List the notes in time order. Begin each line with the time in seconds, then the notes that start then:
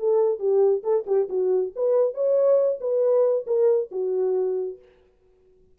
0.00 A4
0.39 G4
0.84 A4
1.07 G4
1.29 F#4
1.76 B4
2.15 C#5
2.81 B4
3.47 A#4
3.92 F#4